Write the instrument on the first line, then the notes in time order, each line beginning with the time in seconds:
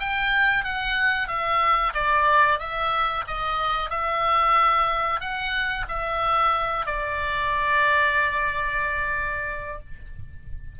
oboe
0.00 G5
0.65 F#5
1.28 E5
1.94 D5
2.59 E5
3.27 D#5
3.90 E5
5.21 F#5
5.89 E5
6.86 D5